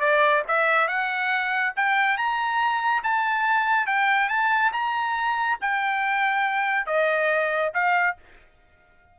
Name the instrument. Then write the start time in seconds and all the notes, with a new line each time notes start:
trumpet
0.00 D5
0.48 E5
0.88 F#5
1.76 G5
2.17 A#5
3.03 A5
3.87 G5
4.29 A5
4.73 A#5
5.61 G5
6.86 D#5
7.74 F5